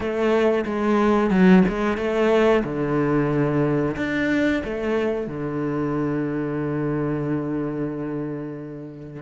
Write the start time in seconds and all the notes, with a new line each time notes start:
0.00 A3
0.65 G#3
1.30 F#3
1.68 G#3
1.97 A3
2.64 D3
3.96 D4
4.64 A3
5.27 D3